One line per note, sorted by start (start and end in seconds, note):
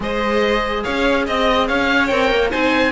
0.00 0.84 G#3
0.00 2.08 G#4
0.00 0.83 C5
0.00 0.83 D#5
0.83 1.28 C#4
0.83 1.25 C#5
0.83 1.25 F5
1.26 1.69 C4
1.26 1.67 D#5
1.67 2.11 C#4
1.67 2.50 C#5
1.67 2.07 F5
2.07 2.31 C4
2.07 2.50 A#4
2.07 2.49 G5
2.31 2.52 A#3
2.50 2.91 C4
2.50 2.91 D#4
2.50 2.91 C5
2.50 2.91 G#5